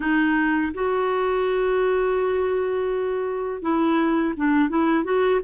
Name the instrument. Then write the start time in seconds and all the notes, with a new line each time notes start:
clarinet
0.00 D#4
0.74 F#4
3.61 E4
4.36 D4
4.69 E4
5.04 F#4